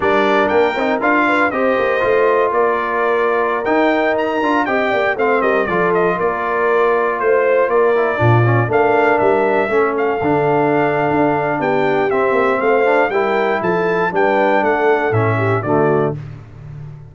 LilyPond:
<<
  \new Staff \with { instrumentName = "trumpet" } { \time 4/4 \tempo 4 = 119 d''4 g''4 f''4 dis''4~ | dis''4 d''2~ d''16 g''8.~ | g''16 ais''4 g''4 f''8 dis''8 d''8 dis''16~ | dis''16 d''2 c''4 d''8.~ |
d''4~ d''16 f''4 e''4. f''16~ | f''2. g''4 | e''4 f''4 g''4 a''4 | g''4 fis''4 e''4 d''4 | }
  \new Staff \with { instrumentName = "horn" } { \time 4/4 ais'2~ ais'8 b'8 c''4~ | c''4 ais'2.~ | ais'4~ ais'16 dis''8 d''8 c''8 ais'8 a'8.~ | a'16 ais'2 c''4 ais'8.~ |
ais'16 f'4 ais'2 a'8.~ | a'2. g'4~ | g'4 c''4 ais'4 a'4 | b'4 a'4. g'8 fis'4 | }
  \new Staff \with { instrumentName = "trombone" } { \time 4/4 d'4. dis'8 f'4 g'4 | f'2.~ f'16 dis'8.~ | dis'8. f'8 g'4 c'4 f'8.~ | f'2.~ f'8. e'16~ |
e'16 d'8 cis'8 d'2 cis'8.~ | cis'16 d'2.~ d'8. | c'4. d'8 e'2 | d'2 cis'4 a4 | }
  \new Staff \with { instrumentName = "tuba" } { \time 4/4 g4 ais8 c'8 d'4 c'8 ais8 | a4 ais2~ ais16 dis'8.~ | dis'8. d'8 c'8 ais8 a8 g8 f8.~ | f16 ais2 a4 ais8.~ |
ais16 ais,4 a4 g4 a8.~ | a16 d4.~ d16 d'4 b4 | c'8 ais8 a4 g4 f4 | g4 a4 a,4 d4 | }
>>